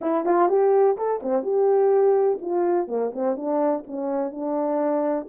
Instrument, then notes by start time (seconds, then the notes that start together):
horn
0.01 E4
0.25 F4
0.48 G4
0.97 A4
1.22 C4
1.42 G4
2.41 F4
2.87 A#3
3.13 C4
3.36 D4
3.87 C#4
4.31 D4